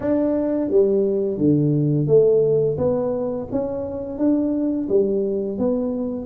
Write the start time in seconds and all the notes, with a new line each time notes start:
0.00 D4
0.70 G3
1.37 D3
2.07 A3
2.77 B3
3.51 C#4
4.18 D4
4.88 G3
5.58 B3